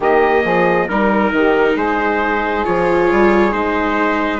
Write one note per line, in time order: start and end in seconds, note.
0.00 0.43 D#3
0.00 0.89 A#3
0.00 0.43 G4
0.00 0.88 D#5
0.43 0.88 F3
0.43 0.87 G#4
0.88 1.32 G3
0.88 2.64 D#4
0.88 1.76 A#4
0.88 1.33 A#4
1.32 1.76 D#3
1.32 1.75 G4
1.75 2.64 G#3
1.75 4.39 G#4
1.75 2.65 C5
2.64 3.11 F3
2.64 3.51 F4
2.64 3.52 C#5
3.11 3.54 G3
3.51 4.39 G#3
3.51 4.39 D#4
3.51 4.39 C5